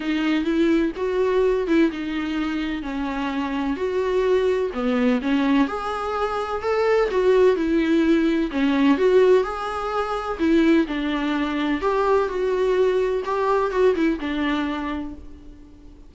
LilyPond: \new Staff \with { instrumentName = "viola" } { \time 4/4 \tempo 4 = 127 dis'4 e'4 fis'4. e'8 | dis'2 cis'2 | fis'2 b4 cis'4 | gis'2 a'4 fis'4 |
e'2 cis'4 fis'4 | gis'2 e'4 d'4~ | d'4 g'4 fis'2 | g'4 fis'8 e'8 d'2 | }